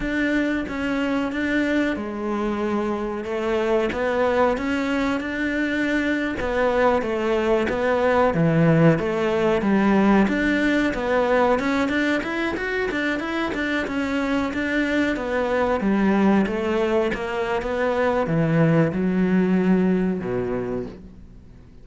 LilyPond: \new Staff \with { instrumentName = "cello" } { \time 4/4 \tempo 4 = 92 d'4 cis'4 d'4 gis4~ | gis4 a4 b4 cis'4 | d'4.~ d'16 b4 a4 b16~ | b8. e4 a4 g4 d'16~ |
d'8. b4 cis'8 d'8 e'8 fis'8 d'16~ | d'16 e'8 d'8 cis'4 d'4 b8.~ | b16 g4 a4 ais8. b4 | e4 fis2 b,4 | }